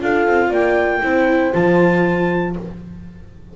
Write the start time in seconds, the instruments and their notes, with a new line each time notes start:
0.00 double bass D4, viola F4, horn A4, clarinet F5
0.27 double bass C4
0.49 double bass A#3, horn D5, clarinet G5
1.03 double bass C4, viola E4, horn C5
1.53 double bass F3, viola F4, clarinet A5